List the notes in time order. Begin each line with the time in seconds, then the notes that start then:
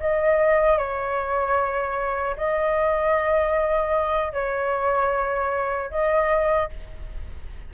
0.00 D#5
0.78 C#5
2.37 D#5
4.33 C#5
5.90 D#5